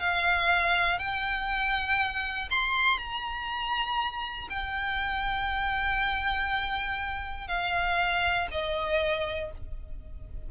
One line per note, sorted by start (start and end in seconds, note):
0.00 0.99 F5
0.99 2.49 G5
2.51 2.98 C6
2.98 4.48 A#5
4.50 7.48 G5
7.48 8.48 F5
8.52 9.52 D#5